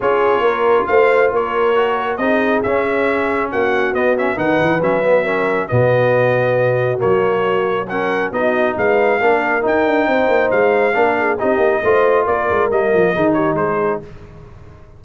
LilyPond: <<
  \new Staff \with { instrumentName = "trumpet" } { \time 4/4 \tempo 4 = 137 cis''2 f''4 cis''4~ | cis''4 dis''4 e''2 | fis''4 dis''8 e''8 fis''4 e''4~ | e''4 dis''2. |
cis''2 fis''4 dis''4 | f''2 g''2 | f''2 dis''2 | d''4 dis''4. cis''8 c''4 | }
  \new Staff \with { instrumentName = "horn" } { \time 4/4 gis'4 ais'4 c''4 ais'4~ | ais'4 gis'2. | fis'2 b'2 | ais'4 fis'2.~ |
fis'2 ais'4 fis'4 | b'4 ais'2 c''4~ | c''4 ais'8 gis'8 g'4 c''4 | ais'2 gis'8 g'8 gis'4 | }
  \new Staff \with { instrumentName = "trombone" } { \time 4/4 f'1 | fis'4 dis'4 cis'2~ | cis'4 b8 cis'8 dis'4 cis'8 b8 | cis'4 b2. |
ais2 cis'4 dis'4~ | dis'4 d'4 dis'2~ | dis'4 d'4 dis'4 f'4~ | f'4 ais4 dis'2 | }
  \new Staff \with { instrumentName = "tuba" } { \time 4/4 cis'4 ais4 a4 ais4~ | ais4 c'4 cis'2 | ais4 b4 dis8 e8 fis4~ | fis4 b,2. |
fis2. b4 | gis4 ais4 dis'8 d'8 c'8 ais8 | gis4 ais4 c'8 ais8 a4 | ais8 gis8 g8 f8 dis4 gis4 | }
>>